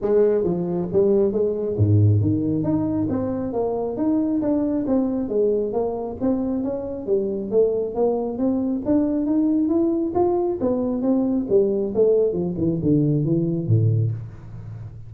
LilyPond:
\new Staff \with { instrumentName = "tuba" } { \time 4/4 \tempo 4 = 136 gis4 f4 g4 gis4 | gis,4 dis4 dis'4 c'4 | ais4 dis'4 d'4 c'4 | gis4 ais4 c'4 cis'4 |
g4 a4 ais4 c'4 | d'4 dis'4 e'4 f'4 | b4 c'4 g4 a4 | f8 e8 d4 e4 a,4 | }